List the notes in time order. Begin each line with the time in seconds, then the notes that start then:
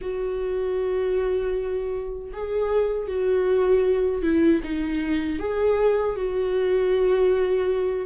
0.01 F#4
2.33 G#4
3.07 F#4
4.22 E4
4.63 D#4
5.38 G#4
6.15 F#4